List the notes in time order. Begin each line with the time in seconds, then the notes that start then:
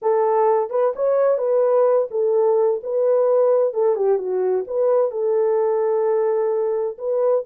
0.01 A4
0.70 B4
0.95 C#5
1.38 B4
2.11 A4
2.83 B4
3.73 A4
3.95 G4
4.18 F#4
4.67 B4
5.11 A4
6.98 B4